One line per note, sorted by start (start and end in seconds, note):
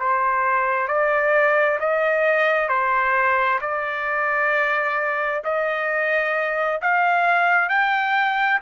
0.00 0.88 C5
0.88 1.79 D5
1.81 2.69 D#5
2.69 3.60 C5
3.62 5.43 D5
5.45 6.81 D#5
6.82 7.70 F5
7.70 8.61 G5